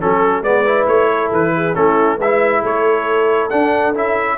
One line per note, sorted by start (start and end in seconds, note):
0.00 0.42 F#3
0.00 0.43 C#4
0.00 0.44 A4
0.00 0.43 A4
0.42 0.85 G#3
0.42 0.65 B3
0.42 1.10 B4
0.42 0.87 D5
0.65 1.74 E4
0.87 1.31 A3
0.87 1.31 C#5
1.10 1.54 A4
1.31 1.75 E3
1.31 1.75 B4
1.55 1.76 G#4
1.74 2.18 A3
1.74 2.18 C#4
1.74 2.17 E4
1.74 2.19 A4
2.17 2.62 G#3
2.17 2.60 B4
2.17 2.65 E5
2.24 3.50 E4
2.62 3.50 A3
2.62 4.37 A4
2.62 3.50 C#5
3.50 3.94 D4
3.50 3.94 F#5
3.94 4.38 C#4
3.94 4.38 E4
3.94 4.38 E5